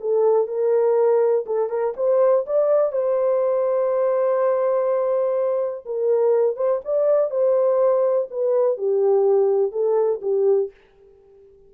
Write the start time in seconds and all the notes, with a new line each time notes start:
0.00 A4
0.47 A#4
1.46 A4
1.69 A#4
1.96 C5
2.46 D5
2.92 C5
5.85 A#4
6.56 C5
6.84 D5
7.30 C5
8.30 B4
8.77 G4
9.72 A4
10.22 G4